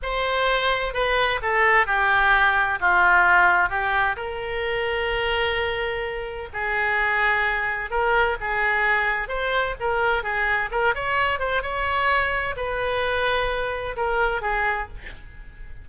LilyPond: \new Staff \with { instrumentName = "oboe" } { \time 4/4 \tempo 4 = 129 c''2 b'4 a'4 | g'2 f'2 | g'4 ais'2.~ | ais'2 gis'2~ |
gis'4 ais'4 gis'2 | c''4 ais'4 gis'4 ais'8 cis''8~ | cis''8 c''8 cis''2 b'4~ | b'2 ais'4 gis'4 | }